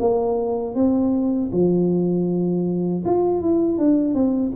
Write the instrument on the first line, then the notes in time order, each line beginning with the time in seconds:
tuba
0.00 A#3
0.75 C4
1.52 F3
3.05 F4
3.41 E4
3.78 D4
4.14 C4